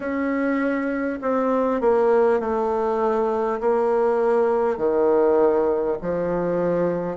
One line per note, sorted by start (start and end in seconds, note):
0.00 1.19 C#4
1.21 1.80 C4
1.80 2.39 A#3
2.39 3.59 A3
3.60 4.77 A#3
4.77 5.97 D#3
6.01 7.17 F3